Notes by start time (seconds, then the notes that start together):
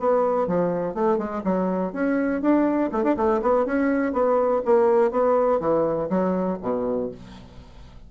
0.00 B3
0.48 F3
0.95 A3
1.18 G#3
1.44 F#3
1.93 C#4
2.42 D4
2.93 A3
3.04 D4
3.17 A3
3.42 B3
3.66 C#4
4.13 B3
4.66 A#3
5.11 B3
5.61 E3
6.10 F#3
6.63 B2